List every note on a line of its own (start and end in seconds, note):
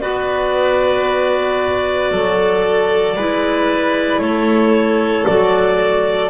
0.00 2.11 B3
0.00 3.17 F#4
0.00 2.11 B4
0.00 4.20 D5
2.11 3.16 F#3
2.11 3.16 A4
3.16 4.20 G#3
3.16 5.28 E4
3.16 4.21 B4
4.20 5.25 A3
4.20 6.30 A4
4.20 5.25 C#5
5.25 6.30 F#3
5.25 6.30 F#4
5.25 6.30 D5